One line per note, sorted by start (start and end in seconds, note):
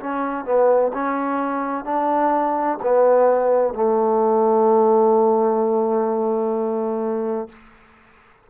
0.00 0.45 C#4
0.45 0.92 B3
0.94 1.85 C#4
1.85 2.78 D4
2.83 3.74 B3
3.74 7.49 A3